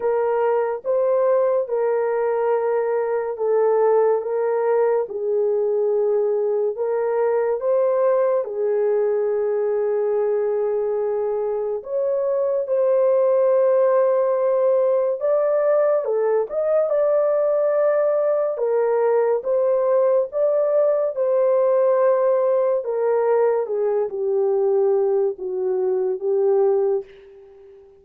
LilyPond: \new Staff \with { instrumentName = "horn" } { \time 4/4 \tempo 4 = 71 ais'4 c''4 ais'2 | a'4 ais'4 gis'2 | ais'4 c''4 gis'2~ | gis'2 cis''4 c''4~ |
c''2 d''4 a'8 dis''8 | d''2 ais'4 c''4 | d''4 c''2 ais'4 | gis'8 g'4. fis'4 g'4 | }